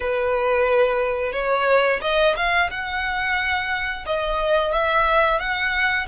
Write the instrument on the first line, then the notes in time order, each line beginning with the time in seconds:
violin
0.00 B4
1.32 C#5
2.01 D#5
2.36 F5
2.70 F#5
4.06 D#5
4.72 E5
5.39 F#5